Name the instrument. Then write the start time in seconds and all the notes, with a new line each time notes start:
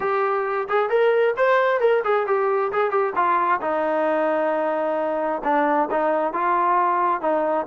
trombone
0.00 G4
0.68 G#4
0.89 A#4
1.36 C5
1.80 A#4
2.04 G#4
2.27 G4
2.72 G#4
2.90 G4
3.15 F4
3.61 D#4
5.44 D4
5.91 D#4
6.33 F4
7.21 D#4